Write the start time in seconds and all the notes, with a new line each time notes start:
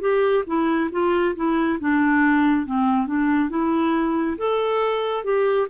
0.00 G4
0.46 E4
0.91 F4
1.35 E4
1.80 D4
2.66 C4
3.07 D4
3.49 E4
4.38 A4
5.24 G4